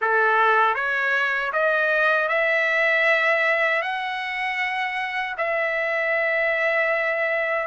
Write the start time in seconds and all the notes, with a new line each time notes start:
0.01 A4
0.74 C#5
1.52 D#5
2.28 E5
3.81 F#5
5.37 E5